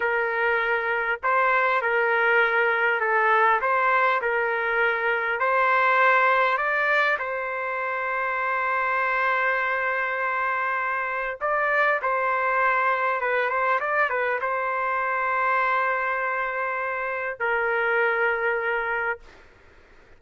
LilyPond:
\new Staff \with { instrumentName = "trumpet" } { \time 4/4 \tempo 4 = 100 ais'2 c''4 ais'4~ | ais'4 a'4 c''4 ais'4~ | ais'4 c''2 d''4 | c''1~ |
c''2. d''4 | c''2 b'8 c''8 d''8 b'8 | c''1~ | c''4 ais'2. | }